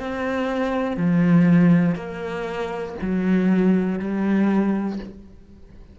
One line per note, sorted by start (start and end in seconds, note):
0.00 0.97 C4
0.97 1.95 F3
1.95 2.95 A#3
3.02 4.00 F#3
4.00 5.00 G3